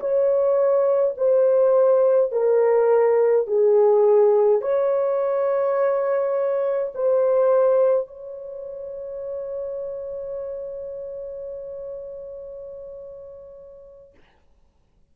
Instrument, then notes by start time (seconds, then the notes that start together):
horn
0.00 C#5
1.18 C5
2.32 A#4
3.47 G#4
4.62 C#5
6.95 C5
8.08 C#5